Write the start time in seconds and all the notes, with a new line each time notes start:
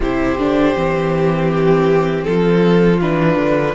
0.00 C3 E4 G4 C5
0.38 D3 D4
0.75 E3 C4
1.50 G4
2.24 F3 F4 A4
3.01 E3 D4 B4
3.36 D3